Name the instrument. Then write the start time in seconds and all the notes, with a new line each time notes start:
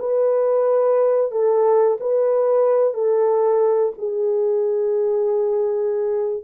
horn
0.00 B4
1.32 A4
2.00 B4
2.94 A4
3.99 G#4